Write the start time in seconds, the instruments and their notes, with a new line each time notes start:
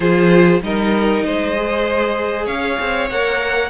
0.00 cello F3, viola F4, violin G#4 C5
0.62 cello G3, viola D#4, violin A#4 D#5
1.24 cello G#3, violin C5
1.56 viola G#4
2.45 cello C#4, violin C#5 F5
2.79 cello C4
3.10 cello A#3, viola A#4, violin F#5